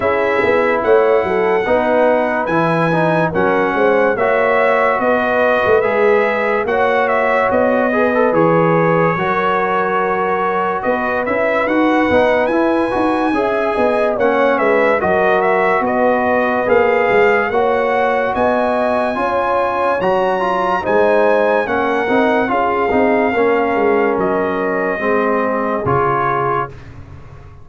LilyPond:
<<
  \new Staff \with { instrumentName = "trumpet" } { \time 4/4 \tempo 4 = 72 e''4 fis''2 gis''4 | fis''4 e''4 dis''4 e''4 | fis''8 e''8 dis''4 cis''2~ | cis''4 dis''8 e''8 fis''4 gis''4~ |
gis''4 fis''8 e''8 dis''8 e''8 dis''4 | f''4 fis''4 gis''2 | ais''4 gis''4 fis''4 f''4~ | f''4 dis''2 cis''4 | }
  \new Staff \with { instrumentName = "horn" } { \time 4/4 gis'4 cis''8 a'8 b'2 | ais'8 c''8 cis''4 b'2 | cis''4. b'4. ais'4~ | ais'4 b'2. |
e''8 dis''8 cis''8 b'8 ais'4 b'4~ | b'4 cis''4 dis''4 cis''4~ | cis''4 c''4 ais'4 gis'4 | ais'2 gis'2 | }
  \new Staff \with { instrumentName = "trombone" } { \time 4/4 e'2 dis'4 e'8 dis'8 | cis'4 fis'2 gis'4 | fis'4. gis'16 a'16 gis'4 fis'4~ | fis'4. e'8 fis'8 dis'8 e'8 fis'8 |
gis'4 cis'4 fis'2 | gis'4 fis'2 f'4 | fis'8 f'8 dis'4 cis'8 dis'8 f'8 dis'8 | cis'2 c'4 f'4 | }
  \new Staff \with { instrumentName = "tuba" } { \time 4/4 cis'8 b8 a8 fis8 b4 e4 | fis8 gis8 ais4 b8. a16 gis4 | ais4 b4 e4 fis4~ | fis4 b8 cis'8 dis'8 b8 e'8 dis'8 |
cis'8 b8 ais8 gis8 fis4 b4 | ais8 gis8 ais4 b4 cis'4 | fis4 gis4 ais8 c'8 cis'8 c'8 | ais8 gis8 fis4 gis4 cis4 | }
>>